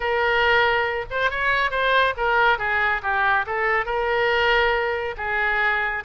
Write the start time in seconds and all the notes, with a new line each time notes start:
0.00 A#4
1.10 C5
1.30 C#5
1.71 C5
2.16 A#4
2.58 G#4
3.02 G4
3.46 A4
3.85 A#4
5.17 G#4